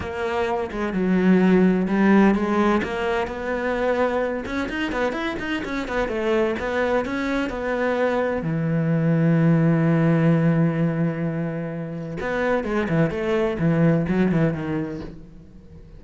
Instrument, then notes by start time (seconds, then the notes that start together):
cello
0.00 A#3
0.71 G#3
0.93 F#3
1.87 G3
2.34 G#3
2.83 A#3
3.27 B3
4.45 C#4
4.69 D#4
4.92 B3
5.12 E4
5.39 D#4
5.64 C#4
5.88 B3
6.08 A3
6.59 B3
7.05 C#4
7.49 B3
8.42 E3
12.20 B3
12.64 G#3
12.88 E3
13.10 A3
13.59 E3
14.08 F#3
14.31 E3
14.53 D#3